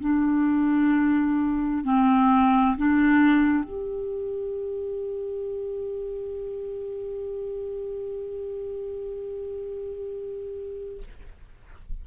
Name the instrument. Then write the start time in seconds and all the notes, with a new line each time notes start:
clarinet
0.00 D4
1.84 C4
2.77 D4
3.64 G4